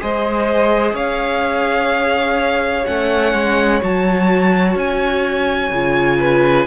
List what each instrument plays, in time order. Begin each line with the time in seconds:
0.00 cello G#3, viola G#4, violin C5 D#5
0.93 cello C#4, violin C#5 F5
2.85 cello A3, viola C#4, violin F#5
3.33 cello G#3
3.81 cello F#3, viola F#4, violin A5
4.75 cello C#4, violin G#5
5.71 cello C#3, viola F4
6.19 violin B4